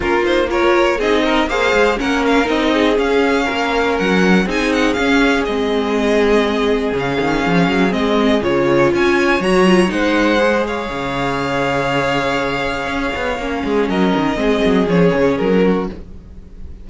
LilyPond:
<<
  \new Staff \with { instrumentName = "violin" } { \time 4/4 \tempo 4 = 121 ais'8 c''8 cis''4 dis''4 f''4 | fis''8 f''8 dis''4 f''2 | fis''4 gis''8 fis''8 f''4 dis''4~ | dis''2 f''2 |
dis''4 cis''4 gis''4 ais''4 | fis''4. f''2~ f''8~ | f''1 | dis''2 cis''4 ais'4 | }
  \new Staff \with { instrumentName = "violin" } { \time 4/4 f'4 ais'4 gis'8 ais'8 c''4 | ais'4. gis'4. ais'4~ | ais'4 gis'2.~ | gis'1~ |
gis'2 cis''2 | c''4. cis''2~ cis''8~ | cis''2.~ cis''8 gis'8 | ais'4 gis'2~ gis'8 fis'8 | }
  \new Staff \with { instrumentName = "viola" } { \time 4/4 cis'8 dis'8 f'4 dis'4 gis'4 | cis'4 dis'4 cis'2~ | cis'4 dis'4 cis'4 c'4~ | c'2 cis'2 |
c'4 f'2 fis'8 f'8 | dis'4 gis'2.~ | gis'2. cis'4~ | cis'4 c'4 cis'2 | }
  \new Staff \with { instrumentName = "cello" } { \time 4/4 ais2 c'4 ais8 gis8 | ais4 c'4 cis'4 ais4 | fis4 c'4 cis'4 gis4~ | gis2 cis8 dis8 f8 fis8 |
gis4 cis4 cis'4 fis4 | gis2 cis2~ | cis2 cis'8 b8 ais8 gis8 | fis8 dis8 gis8 fis8 f8 cis8 fis4 | }
>>